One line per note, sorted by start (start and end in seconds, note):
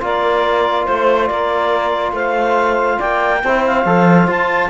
0.00 0.87 A#3
0.00 3.40 F4
0.00 0.87 A#4
0.00 0.86 D5
0.86 1.30 A3
0.86 1.27 C5
0.86 1.29 C5
1.27 2.12 A#3
1.27 2.15 A#4
1.27 2.12 D5
2.12 2.97 A3
2.12 2.98 C5
2.12 3.00 F5
2.98 3.44 A#3
2.98 3.41 D5
2.98 3.64 G5
3.43 3.86 C4
3.43 3.86 E4
3.43 4.70 C5
3.66 4.30 F5
3.86 4.28 F3
3.86 4.28 A4
4.28 4.70 F4
4.28 4.70 A5